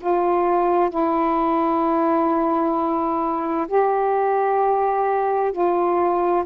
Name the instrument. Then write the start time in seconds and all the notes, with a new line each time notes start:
saxophone
0.00 F4
0.90 E4
3.68 G4
5.52 F4